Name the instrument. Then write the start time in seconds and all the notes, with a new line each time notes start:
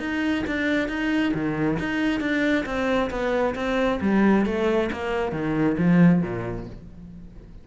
cello
0.00 D#4
0.47 D4
0.88 D#4
1.34 D#3
1.80 D#4
2.20 D4
2.66 C4
3.11 B3
3.56 C4
4.02 G3
4.46 A3
4.92 A#3
5.32 D#3
5.78 F3
6.22 A#2